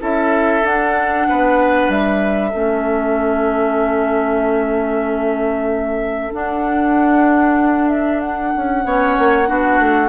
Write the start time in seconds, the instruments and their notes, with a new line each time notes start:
0.00 bassoon C#4, clarinet E4, oboe A4, flute E5
0.63 clarinet D4, bassoon D4, flute F#5
1.29 bassoon B3, oboe B4
1.89 bassoon G3, flute E5
2.50 bassoon A3, clarinet C#4, oboe A4
6.32 clarinet D4, bassoon D4, flute F#5
7.89 flute E5
8.21 flute F#5
8.56 bassoon C#4
8.85 bassoon B3, clarinet C#4, oboe C#5
9.19 bassoon A#3
9.46 bassoon B3, clarinet D4, oboe F#4
9.79 bassoon A3